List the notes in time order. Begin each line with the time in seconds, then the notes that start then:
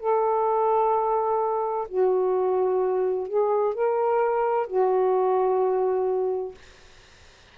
0.00 A4
1.88 F#4
3.28 G#4
3.75 A#4
4.67 F#4